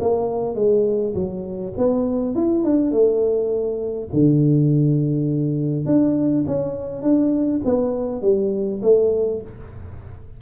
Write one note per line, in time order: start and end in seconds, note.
0.00 0.55 A#3
0.55 1.14 G#3
1.14 1.73 F#3
1.77 2.35 B3
2.35 2.64 E4
2.64 2.91 D4
2.91 4.09 A3
4.13 5.86 D3
5.86 6.44 D4
6.47 7.02 C#4
7.02 7.61 D4
7.64 8.22 B3
8.22 8.81 G3
8.82 9.41 A3